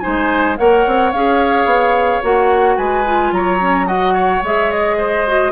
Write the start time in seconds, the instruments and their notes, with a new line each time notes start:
0.00 clarinet D#4, oboe C5, flute G#5
0.06 bassoon G#3
0.58 bassoon A#3, clarinet A#4, oboe C#5, flute F#5
0.86 bassoon C4
1.12 bassoon C#4, clarinet G#4, flute F5
1.65 bassoon B3
2.22 bassoon A#3, clarinet F#4, flute F#5
2.77 bassoon G#3, oboe B4, flute G#5
3.06 clarinet F4
3.32 bassoon F#3, oboe C#5, flute A#5
3.60 clarinet C#4
3.86 clarinet F#4, oboe D#5, flute F#5
4.13 oboe C#5
4.42 bassoon G#3, clarinet G#4, flute E5
4.71 flute D#5
4.98 oboe C5
5.27 clarinet F#4